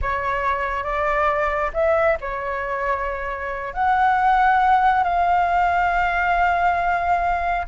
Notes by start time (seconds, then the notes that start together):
0.01 C#5
0.83 D5
1.73 E5
2.20 C#5
3.73 F#5
5.03 F5